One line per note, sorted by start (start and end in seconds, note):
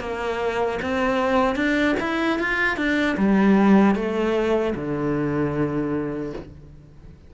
0.00 0.79 A#3
0.82 1.56 C4
1.56 1.95 D4
2.00 2.39 E4
2.39 2.77 F4
2.77 3.16 D4
3.17 3.95 G3
3.95 4.74 A3
4.75 6.33 D3